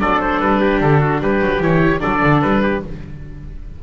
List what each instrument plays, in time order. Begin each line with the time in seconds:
0.00 double bass F#3, viola D4, trumpet A4, oboe D5
0.21 oboe C5
0.40 double bass G3, oboe B4
0.61 trumpet G4
0.81 double bass D3, oboe A4
1.01 trumpet F#4
1.21 double bass G3, trumpet G4, oboe B4
1.41 double bass F#3
1.61 double bass E3, viola E4, oboe C#5
2.00 double bass F#3, viola D4, trumpet A4, oboe D5
2.22 double bass D3
2.42 double bass G3, oboe B4
2.63 trumpet G4